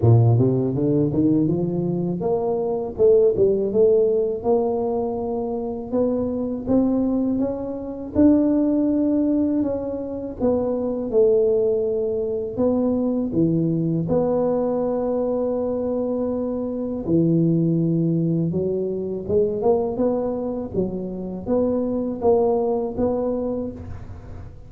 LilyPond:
\new Staff \with { instrumentName = "tuba" } { \time 4/4 \tempo 4 = 81 ais,8 c8 d8 dis8 f4 ais4 | a8 g8 a4 ais2 | b4 c'4 cis'4 d'4~ | d'4 cis'4 b4 a4~ |
a4 b4 e4 b4~ | b2. e4~ | e4 fis4 gis8 ais8 b4 | fis4 b4 ais4 b4 | }